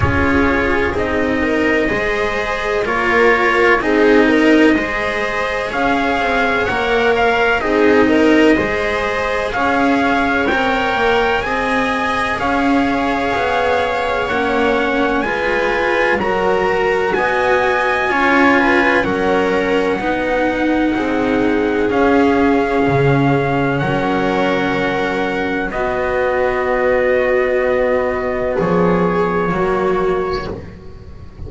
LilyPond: <<
  \new Staff \with { instrumentName = "trumpet" } { \time 4/4 \tempo 4 = 63 cis''4 dis''2 cis''4 | dis''2 f''4 fis''8 f''8 | dis''2 f''4 g''4 | gis''4 f''2 fis''4 |
gis''4 ais''4 gis''2 | fis''2. f''4~ | f''4 fis''2 dis''4~ | dis''2 cis''2 | }
  \new Staff \with { instrumentName = "viola" } { \time 4/4 gis'4. ais'8 c''4 ais'4 | gis'8 ais'8 c''4 cis''2 | gis'8 ais'8 c''4 cis''2 | dis''4 cis''2. |
b'4 ais'4 dis''4 cis''8 b'8 | ais'4 dis'4 gis'2~ | gis'4 ais'2 fis'4~ | fis'2 gis'4 fis'4 | }
  \new Staff \with { instrumentName = "cello" } { \time 4/4 f'4 dis'4 gis'4 f'4 | dis'4 gis'2 ais'4 | dis'4 gis'2 ais'4 | gis'2. cis'4 |
f'4 fis'2 f'4 | cis'4 dis'2 cis'4~ | cis'2. b4~ | b2. ais4 | }
  \new Staff \with { instrumentName = "double bass" } { \time 4/4 cis'4 c'4 gis4 ais4 | c'4 gis4 cis'8 c'8 ais4 | c'4 gis4 cis'4 c'8 ais8 | c'4 cis'4 b4 ais4 |
gis4 fis4 b4 cis'4 | fis4 b4 c'4 cis'4 | cis4 fis2 b4~ | b2 f4 fis4 | }
>>